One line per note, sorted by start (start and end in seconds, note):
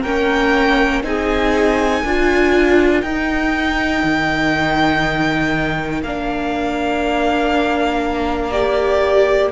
0.00 1.03 A#3
0.00 1.03 C#4
0.00 1.00 A#4
0.00 1.02 G5
1.03 2.03 C4
1.03 2.03 D#4
1.03 2.01 G#4
1.03 3.01 G#5
2.01 3.02 D4
2.01 3.04 F4
2.01 9.51 A#4
3.01 4.02 D#4
3.01 6.04 D#4
3.01 6.01 G5
4.03 6.03 D#3
6.03 9.52 A#3
6.03 8.52 D4
6.03 8.51 F5
8.51 9.52 G4
8.51 9.51 D5